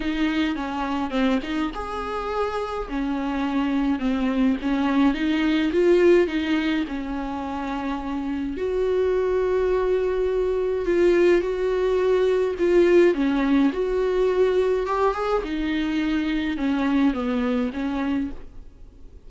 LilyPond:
\new Staff \with { instrumentName = "viola" } { \time 4/4 \tempo 4 = 105 dis'4 cis'4 c'8 dis'8 gis'4~ | gis'4 cis'2 c'4 | cis'4 dis'4 f'4 dis'4 | cis'2. fis'4~ |
fis'2. f'4 | fis'2 f'4 cis'4 | fis'2 g'8 gis'8 dis'4~ | dis'4 cis'4 b4 cis'4 | }